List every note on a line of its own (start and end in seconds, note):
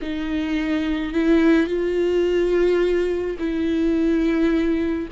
0.01 1.13 D#4
1.13 1.66 E4
1.66 3.36 F4
3.38 5.08 E4